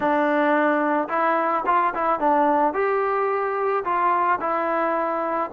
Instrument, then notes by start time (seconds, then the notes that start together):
trombone
0.00 D4
1.08 E4
1.66 F4
1.94 E4
2.19 D4
2.73 G4
3.84 F4
4.40 E4